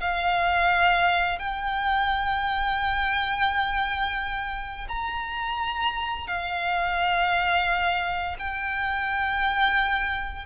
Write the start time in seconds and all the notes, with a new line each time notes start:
0.00 F5
1.39 G5
4.88 A#5
6.27 F5
8.38 G5